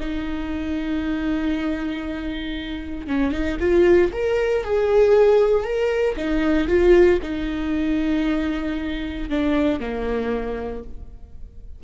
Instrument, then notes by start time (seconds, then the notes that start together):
viola
0.00 D#4
3.07 C#4
3.32 D#4
3.60 F4
4.13 A#4
4.64 G#4
5.64 A#4
6.17 D#4
6.68 F4
7.23 D#4
9.30 D4
9.80 A#3